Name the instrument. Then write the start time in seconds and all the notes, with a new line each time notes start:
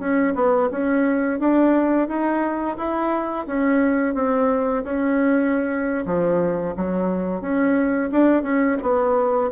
bassoon
0.00 C#4
0.35 B3
0.71 C#4
1.40 D4
2.08 D#4
2.77 E4
3.47 C#4
4.15 C4
4.84 C#4
6.06 F3
6.77 F#3
7.41 C#4
8.12 D4
8.43 C#4
8.82 B3